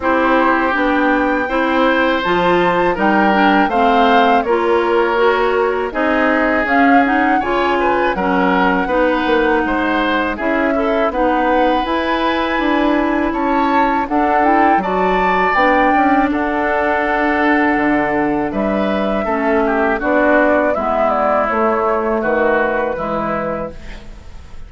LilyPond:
<<
  \new Staff \with { instrumentName = "flute" } { \time 4/4 \tempo 4 = 81 c''4 g''2 a''4 | g''4 f''4 cis''2 | dis''4 f''8 fis''8 gis''4 fis''4~ | fis''2 e''4 fis''4 |
gis''2 a''4 fis''8 g''8 | a''4 g''4 fis''2~ | fis''4 e''2 d''4 | e''8 d''8 cis''4 b'2 | }
  \new Staff \with { instrumentName = "oboe" } { \time 4/4 g'2 c''2 | ais'4 c''4 ais'2 | gis'2 cis''8 b'8 ais'4 | b'4 c''4 gis'8 e'8 b'4~ |
b'2 cis''4 a'4 | d''2 a'2~ | a'4 b'4 a'8 g'8 fis'4 | e'2 fis'4 e'4 | }
  \new Staff \with { instrumentName = "clarinet" } { \time 4/4 e'4 d'4 e'4 f'4 | dis'8 d'8 c'4 f'4 fis'4 | dis'4 cis'8 dis'8 f'4 cis'4 | dis'2 e'8 a'8 dis'4 |
e'2. d'8 e'8 | fis'4 d'2.~ | d'2 cis'4 d'4 | b4 a2 gis4 | }
  \new Staff \with { instrumentName = "bassoon" } { \time 4/4 c'4 b4 c'4 f4 | g4 a4 ais2 | c'4 cis'4 cis4 fis4 | b8 ais8 gis4 cis'4 b4 |
e'4 d'4 cis'4 d'4 | fis4 b8 cis'8 d'2 | d4 g4 a4 b4 | gis4 a4 dis4 e4 | }
>>